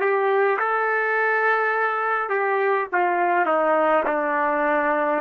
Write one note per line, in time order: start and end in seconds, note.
0.00 0.58 G4
0.58 2.29 A4
2.29 2.86 G4
2.92 3.46 F4
3.46 4.03 D#4
4.06 5.21 D4